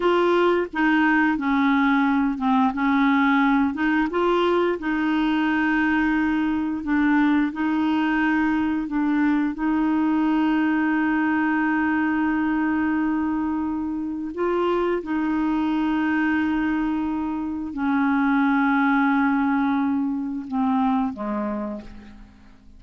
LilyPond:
\new Staff \with { instrumentName = "clarinet" } { \time 4/4 \tempo 4 = 88 f'4 dis'4 cis'4. c'8 | cis'4. dis'8 f'4 dis'4~ | dis'2 d'4 dis'4~ | dis'4 d'4 dis'2~ |
dis'1~ | dis'4 f'4 dis'2~ | dis'2 cis'2~ | cis'2 c'4 gis4 | }